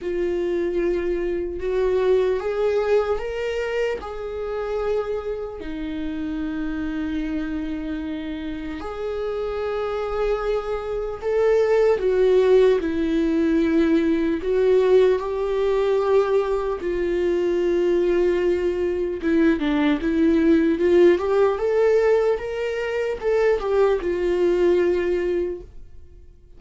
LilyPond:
\new Staff \with { instrumentName = "viola" } { \time 4/4 \tempo 4 = 75 f'2 fis'4 gis'4 | ais'4 gis'2 dis'4~ | dis'2. gis'4~ | gis'2 a'4 fis'4 |
e'2 fis'4 g'4~ | g'4 f'2. | e'8 d'8 e'4 f'8 g'8 a'4 | ais'4 a'8 g'8 f'2 | }